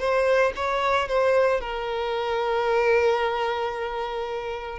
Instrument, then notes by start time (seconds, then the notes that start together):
violin
0.00 C5
0.56 C#5
1.09 C5
1.61 A#4